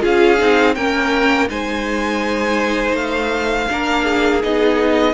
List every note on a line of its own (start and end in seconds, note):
0.00 0.40 C#4
0.00 0.37 F4
0.00 0.75 G#4
0.00 0.75 F5
0.38 0.76 C4
0.38 0.75 D#4
0.75 1.49 A#3
0.75 1.48 C#4
0.75 1.49 A#4
0.75 1.48 G5
1.48 2.93 G#3
1.48 3.68 D#4
1.48 3.70 C5
1.48 2.96 G#5
2.93 3.66 A3
2.93 4.42 F5
3.69 4.43 A#3
3.69 4.42 D4
3.69 4.04 A#4
4.04 5.13 G#4
4.43 5.14 B3
4.43 5.14 D#4
4.43 5.14 D#5